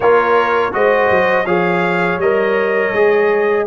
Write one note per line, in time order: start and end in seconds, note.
0.00 0.72 A#3
0.00 0.72 F4
0.00 0.74 A#4
0.00 0.73 C#5
0.72 1.10 G#3
0.72 1.45 F#4
0.72 1.45 C5
0.72 1.46 D#5
1.10 1.45 F#3
1.45 2.17 F3
1.45 2.20 G#4
1.45 3.64 C#5
1.45 2.19 F5
2.17 2.91 G3
2.17 2.94 A#4
2.17 3.66 D#5
2.93 3.66 G#3
2.93 3.66 G#4